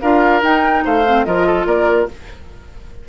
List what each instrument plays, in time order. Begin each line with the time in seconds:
0.00 bassoon D4, clarinet F4, oboe A#4, flute F5
0.41 clarinet D#4, bassoon D#4, flute G5
0.84 bassoon A3, oboe C5, flute F5
1.05 clarinet C4
1.24 bassoon F3, clarinet F4, oboe A#4, flute D#5
1.46 oboe A4
1.65 bassoon A#3, oboe A#4, flute D5